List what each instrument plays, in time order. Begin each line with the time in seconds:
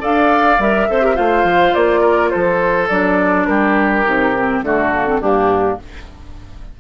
0.00 bassoon D4, clarinet A4, oboe D5, flute F5
0.59 bassoon G3, clarinet A#4, flute E5
0.89 bassoon C4, clarinet A4, oboe C5
1.02 clarinet G4, oboe A#4
1.16 bassoon A3, clarinet F4, oboe C5, flute F5
1.44 bassoon F3
1.74 bassoon A#3, flute D5
2.01 oboe A#4
2.30 bassoon F3, oboe A4, flute C5
2.89 bassoon F#3, clarinet D4, flute D5
3.46 bassoon G3, oboe G4, flute A#4
4.05 bassoon C3, clarinet D#4
4.35 clarinet C4
4.63 bassoon D3, clarinet A3, oboe F#4, flute A4
4.93 clarinet A#3
5.07 clarinet C4
5.21 bassoon G2, clarinet A#3, oboe D4, flute G4